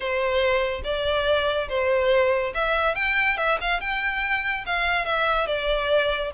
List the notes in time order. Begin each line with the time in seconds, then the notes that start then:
0.00 C5
0.84 D5
1.68 C5
2.54 E5
2.95 G5
3.37 E5
3.60 F5
3.80 G5
4.65 F5
5.05 E5
5.46 D5